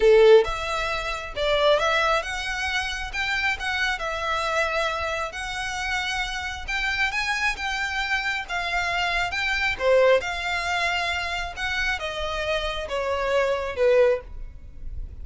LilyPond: \new Staff \with { instrumentName = "violin" } { \time 4/4 \tempo 4 = 135 a'4 e''2 d''4 | e''4 fis''2 g''4 | fis''4 e''2. | fis''2. g''4 |
gis''4 g''2 f''4~ | f''4 g''4 c''4 f''4~ | f''2 fis''4 dis''4~ | dis''4 cis''2 b'4 | }